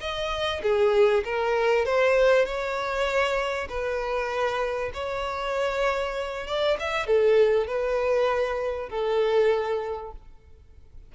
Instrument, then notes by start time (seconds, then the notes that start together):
violin
0.00 D#5
0.63 G#4
1.25 A#4
1.85 C5
2.45 C#5
3.69 B4
4.94 C#5
6.47 D5
6.79 E5
7.07 A4
7.67 B4
8.89 A4